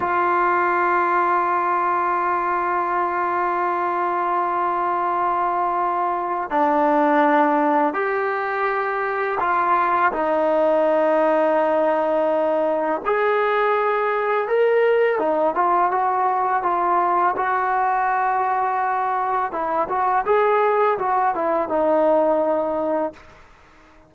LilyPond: \new Staff \with { instrumentName = "trombone" } { \time 4/4 \tempo 4 = 83 f'1~ | f'1~ | f'4 d'2 g'4~ | g'4 f'4 dis'2~ |
dis'2 gis'2 | ais'4 dis'8 f'8 fis'4 f'4 | fis'2. e'8 fis'8 | gis'4 fis'8 e'8 dis'2 | }